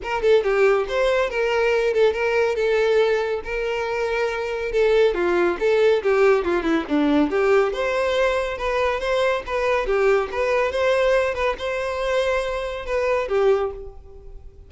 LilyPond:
\new Staff \with { instrumentName = "violin" } { \time 4/4 \tempo 4 = 140 ais'8 a'8 g'4 c''4 ais'4~ | ais'8 a'8 ais'4 a'2 | ais'2. a'4 | f'4 a'4 g'4 f'8 e'8 |
d'4 g'4 c''2 | b'4 c''4 b'4 g'4 | b'4 c''4. b'8 c''4~ | c''2 b'4 g'4 | }